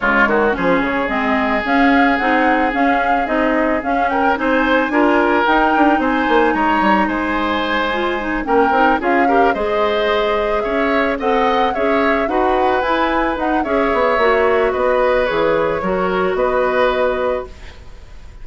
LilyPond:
<<
  \new Staff \with { instrumentName = "flute" } { \time 4/4 \tempo 4 = 110 cis''4 c''8 cis''8 dis''4 f''4 | fis''4 f''4 dis''4 f''8 g''8 | gis''2 g''4 gis''4 | ais''4 gis''2~ gis''8 g''8~ |
g''8 f''4 dis''2 e''8~ | e''8 fis''4 e''4 fis''4 gis''8~ | gis''8 fis''8 e''2 dis''4 | cis''2 dis''2 | }
  \new Staff \with { instrumentName = "oboe" } { \time 4/4 f'8 fis'8 gis'2.~ | gis'2.~ gis'8 ais'8 | c''4 ais'2 c''4 | cis''4 c''2~ c''8 ais'8~ |
ais'8 gis'8 ais'8 c''2 cis''8~ | cis''8 dis''4 cis''4 b'4.~ | b'4 cis''2 b'4~ | b'4 ais'4 b'2 | }
  \new Staff \with { instrumentName = "clarinet" } { \time 4/4 gis4 cis'4 c'4 cis'4 | dis'4 cis'4 dis'4 cis'4 | dis'4 f'4 dis'2~ | dis'2~ dis'8 f'8 dis'8 cis'8 |
dis'8 f'8 g'8 gis'2~ gis'8~ | gis'8 a'4 gis'4 fis'4 e'8~ | e'8 dis'8 gis'4 fis'2 | gis'4 fis'2. | }
  \new Staff \with { instrumentName = "bassoon" } { \time 4/4 cis8 dis8 f8 cis8 gis4 cis'4 | c'4 cis'4 c'4 cis'4 | c'4 d'4 dis'8 d'8 c'8 ais8 | gis8 g8 gis2~ gis8 ais8 |
c'8 cis'4 gis2 cis'8~ | cis'8 c'4 cis'4 dis'4 e'8~ | e'8 dis'8 cis'8 b8 ais4 b4 | e4 fis4 b2 | }
>>